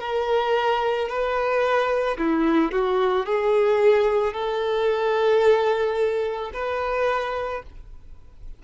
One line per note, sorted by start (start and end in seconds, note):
0.00 1.08 A#4
1.08 2.17 B4
2.18 2.71 E4
2.71 3.26 F#4
3.26 4.33 G#4
4.33 6.51 A4
6.53 7.62 B4